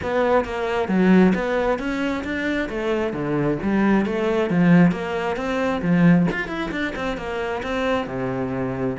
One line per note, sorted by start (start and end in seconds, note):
0.02 0.44 B3
0.44 0.88 A#3
0.88 1.33 F#3
1.34 1.78 B3
1.78 2.23 C#4
2.24 2.68 D4
2.69 3.13 A3
3.13 3.58 D3
3.62 4.05 G3
4.05 4.50 A3
4.50 4.91 F3
4.91 5.36 A#3
5.36 5.81 C4
5.82 6.26 F3
6.31 6.48 F4
6.48 6.70 E4
6.71 6.93 D4
6.95 7.17 C4
7.17 7.61 A#3
7.62 8.06 C4
8.06 8.96 C3